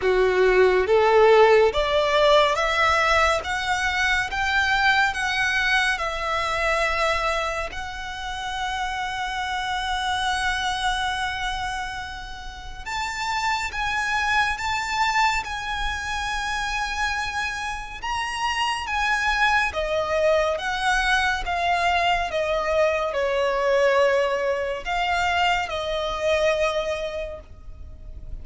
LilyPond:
\new Staff \with { instrumentName = "violin" } { \time 4/4 \tempo 4 = 70 fis'4 a'4 d''4 e''4 | fis''4 g''4 fis''4 e''4~ | e''4 fis''2.~ | fis''2. a''4 |
gis''4 a''4 gis''2~ | gis''4 ais''4 gis''4 dis''4 | fis''4 f''4 dis''4 cis''4~ | cis''4 f''4 dis''2 | }